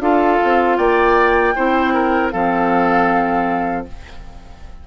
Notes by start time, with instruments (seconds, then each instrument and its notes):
0.00 bassoon D4, clarinet F4, oboe A4, flute F5
0.44 bassoon C4
0.77 bassoon A#3, oboe D5, flute G5
1.55 bassoon C4, clarinet E4, oboe C5
1.94 oboe A#4
2.32 bassoon F3, clarinet C4, oboe A4, flute F5